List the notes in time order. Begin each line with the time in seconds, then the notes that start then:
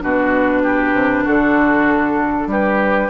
0.00 B2 D4 F#4 B4
0.63 G4
0.93 C3
1.24 D3 F#4 A4
2.47 G3 G4 B4